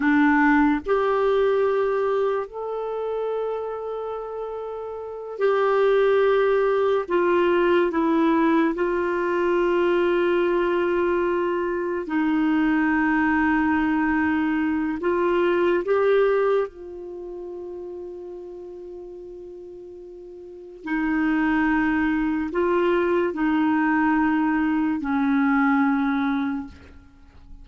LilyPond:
\new Staff \with { instrumentName = "clarinet" } { \time 4/4 \tempo 4 = 72 d'4 g'2 a'4~ | a'2~ a'8 g'4.~ | g'8 f'4 e'4 f'4.~ | f'2~ f'8 dis'4.~ |
dis'2 f'4 g'4 | f'1~ | f'4 dis'2 f'4 | dis'2 cis'2 | }